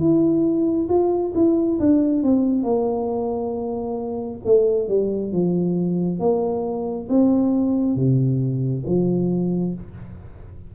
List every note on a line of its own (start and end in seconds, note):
0.00 0.88 E4
0.89 1.33 F4
1.35 1.79 E4
1.80 2.23 D4
2.23 2.63 C4
2.63 4.40 A#3
4.46 4.89 A3
4.89 5.33 G3
5.33 6.20 F3
6.20 7.08 A#3
7.09 7.96 C4
7.96 8.84 C3
8.87 9.75 F3